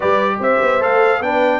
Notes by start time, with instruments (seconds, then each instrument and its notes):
0.00 tuba G3, trombone G4, horn B4, trumpet D5
0.39 tuba C4, horn C5, trumpet E5
0.62 tuba B3
0.80 tuba A3, trombone A4, trumpet F5
1.20 tuba B3, trombone D4, horn B4, trumpet G5